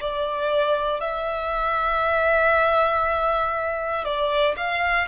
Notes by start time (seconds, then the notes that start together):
0.00 D5
1.00 E5
4.04 D5
4.57 F5